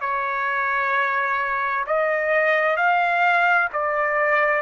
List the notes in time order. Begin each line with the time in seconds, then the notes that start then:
0.00 C#5
1.86 D#5
2.76 F5
3.73 D5